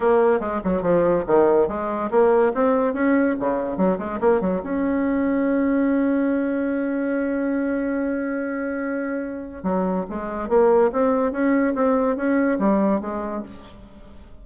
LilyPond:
\new Staff \with { instrumentName = "bassoon" } { \time 4/4 \tempo 4 = 143 ais4 gis8 fis8 f4 dis4 | gis4 ais4 c'4 cis'4 | cis4 fis8 gis8 ais8 fis8 cis'4~ | cis'1~ |
cis'1~ | cis'2. fis4 | gis4 ais4 c'4 cis'4 | c'4 cis'4 g4 gis4 | }